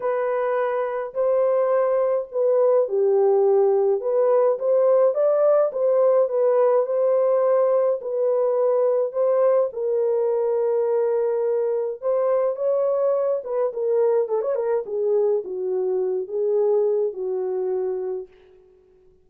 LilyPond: \new Staff \with { instrumentName = "horn" } { \time 4/4 \tempo 4 = 105 b'2 c''2 | b'4 g'2 b'4 | c''4 d''4 c''4 b'4 | c''2 b'2 |
c''4 ais'2.~ | ais'4 c''4 cis''4. b'8 | ais'4 a'16 cis''16 ais'8 gis'4 fis'4~ | fis'8 gis'4. fis'2 | }